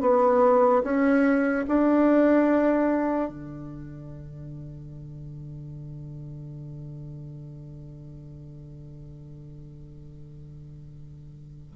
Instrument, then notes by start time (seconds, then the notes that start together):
bassoon
0.00 B3
0.83 C#4
1.67 D4
3.29 D3